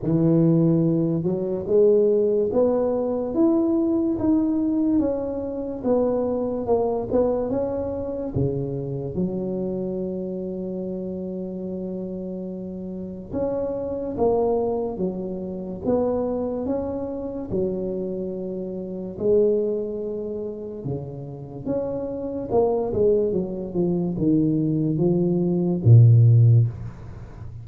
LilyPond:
\new Staff \with { instrumentName = "tuba" } { \time 4/4 \tempo 4 = 72 e4. fis8 gis4 b4 | e'4 dis'4 cis'4 b4 | ais8 b8 cis'4 cis4 fis4~ | fis1 |
cis'4 ais4 fis4 b4 | cis'4 fis2 gis4~ | gis4 cis4 cis'4 ais8 gis8 | fis8 f8 dis4 f4 ais,4 | }